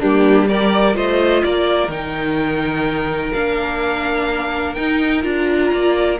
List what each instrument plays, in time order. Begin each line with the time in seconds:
0.00 cello G3, viola A#3, violin D4 G4
0.49 viola G4, violin A#4 D5
0.93 cello A3, viola F4, violin C5 D#5
1.44 cello A#3, violin A#4 D5
1.88 cello D#3, viola D#4, violin G5
3.33 cello A#3, viola D4, violin F5
4.75 viola D#4, cello D#4, violin G5
5.23 cello D4, viola F4, violin A#5
5.72 cello A#3, violin D5